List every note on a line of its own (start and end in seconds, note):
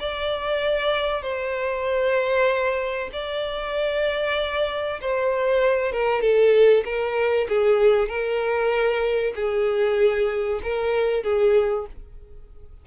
0.00 1.22 D5
1.22 3.10 C5
3.13 5.00 D5
5.01 5.92 C5
5.92 6.21 A#4
6.21 6.84 A4
6.85 7.48 A#4
7.49 8.09 G#4
8.09 9.34 A#4
9.36 10.61 G#4
10.63 11.24 A#4
11.24 11.86 G#4